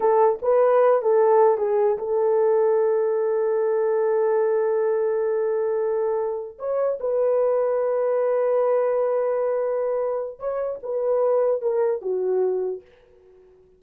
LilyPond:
\new Staff \with { instrumentName = "horn" } { \time 4/4 \tempo 4 = 150 a'4 b'4. a'4. | gis'4 a'2.~ | a'1~ | a'1~ |
a'8 cis''4 b'2~ b'8~ | b'1~ | b'2 cis''4 b'4~ | b'4 ais'4 fis'2 | }